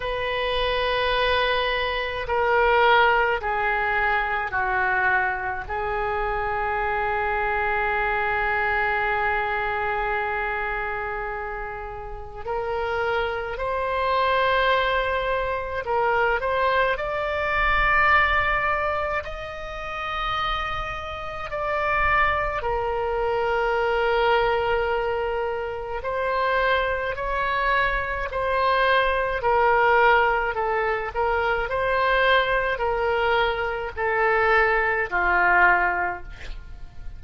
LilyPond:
\new Staff \with { instrumentName = "oboe" } { \time 4/4 \tempo 4 = 53 b'2 ais'4 gis'4 | fis'4 gis'2.~ | gis'2. ais'4 | c''2 ais'8 c''8 d''4~ |
d''4 dis''2 d''4 | ais'2. c''4 | cis''4 c''4 ais'4 a'8 ais'8 | c''4 ais'4 a'4 f'4 | }